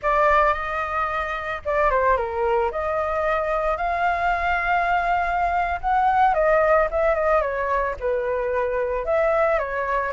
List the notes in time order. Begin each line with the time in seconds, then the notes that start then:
0.02 D5
0.53 D#5
1.65 D5
1.90 C5
2.16 A#4
2.71 D#5
3.77 F5
5.80 F#5
6.34 D#5
6.90 E5
7.14 D#5
7.41 C#5
8.00 B4
9.05 E5
9.58 C#5